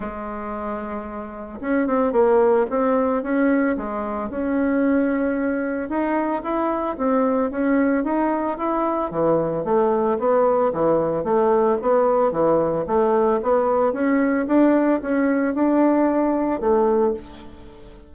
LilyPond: \new Staff \with { instrumentName = "bassoon" } { \time 4/4 \tempo 4 = 112 gis2. cis'8 c'8 | ais4 c'4 cis'4 gis4 | cis'2. dis'4 | e'4 c'4 cis'4 dis'4 |
e'4 e4 a4 b4 | e4 a4 b4 e4 | a4 b4 cis'4 d'4 | cis'4 d'2 a4 | }